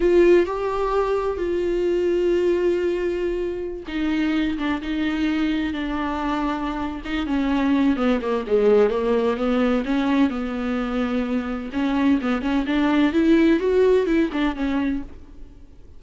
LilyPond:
\new Staff \with { instrumentName = "viola" } { \time 4/4 \tempo 4 = 128 f'4 g'2 f'4~ | f'1~ | f'16 dis'4. d'8 dis'4.~ dis'16~ | dis'16 d'2~ d'8. dis'8 cis'8~ |
cis'4 b8 ais8 gis4 ais4 | b4 cis'4 b2~ | b4 cis'4 b8 cis'8 d'4 | e'4 fis'4 e'8 d'8 cis'4 | }